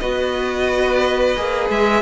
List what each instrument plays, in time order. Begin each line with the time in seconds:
0.00 cello B3, viola F#4, violin B4 D#5
1.37 cello A#3, viola G#4
1.70 cello G#3, violin E5